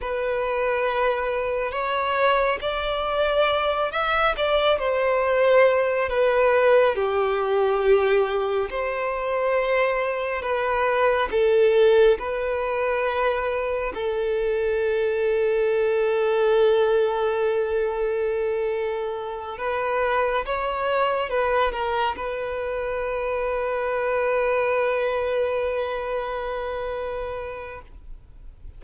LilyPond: \new Staff \with { instrumentName = "violin" } { \time 4/4 \tempo 4 = 69 b'2 cis''4 d''4~ | d''8 e''8 d''8 c''4. b'4 | g'2 c''2 | b'4 a'4 b'2 |
a'1~ | a'2~ a'8 b'4 cis''8~ | cis''8 b'8 ais'8 b'2~ b'8~ | b'1 | }